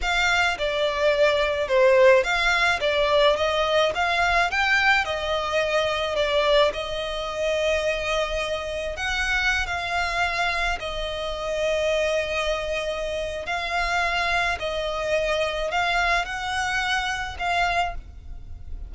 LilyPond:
\new Staff \with { instrumentName = "violin" } { \time 4/4 \tempo 4 = 107 f''4 d''2 c''4 | f''4 d''4 dis''4 f''4 | g''4 dis''2 d''4 | dis''1 |
fis''4~ fis''16 f''2 dis''8.~ | dis''1 | f''2 dis''2 | f''4 fis''2 f''4 | }